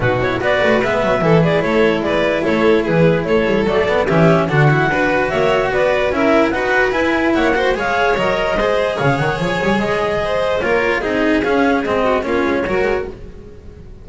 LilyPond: <<
  \new Staff \with { instrumentName = "clarinet" } { \time 4/4 \tempo 4 = 147 b'8 cis''8 d''4 e''4. d''8 | cis''4 d''4 cis''4 b'4 | cis''4 d''4 e''4 fis''4~ | fis''4 e''4 d''4 e''4 |
fis''4 gis''4 fis''4 f''4 | dis''2 f''8 fis''8 gis''4 | dis''2 cis''4 dis''4 | f''4 dis''4 cis''2 | }
  \new Staff \with { instrumentName = "violin" } { \time 4/4 fis'4 b'2 a'8 gis'8 | a'4 b'4 a'4 gis'4 | a'2 g'4 fis'4 | b'4 cis''4 b'4 ais'4 |
b'2 cis''8 c''8 cis''4~ | cis''4 c''4 cis''2~ | cis''4 c''4 ais'4 gis'4~ | gis'4. fis'8 f'4 ais'4 | }
  \new Staff \with { instrumentName = "cello" } { \time 4/4 dis'8 e'8 fis'4 b4 e'4~ | e'1~ | e'4 a8 b8 cis'4 d'8 e'8 | fis'2. e'4 |
fis'4 e'4. fis'8 gis'4 | ais'4 gis'2.~ | gis'2 f'4 dis'4 | cis'4 c'4 cis'4 fis'4 | }
  \new Staff \with { instrumentName = "double bass" } { \time 4/4 b,4 b8 a8 gis8 fis8 e4 | a4 gis4 a4 e4 | a8 g8 fis4 e4 d4 | d'4 ais4 b4 cis'4 |
dis'4 e'4 ais4 gis4 | fis4 gis4 cis8 dis8 f8 g8 | gis2 ais4 c'4 | cis'4 gis4 ais8 gis8 fis8 gis8 | }
>>